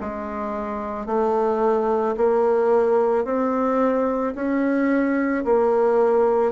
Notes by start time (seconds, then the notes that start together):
0.00 G#3
1.06 A3
2.16 A#3
3.24 C4
4.34 C#4
5.44 A#3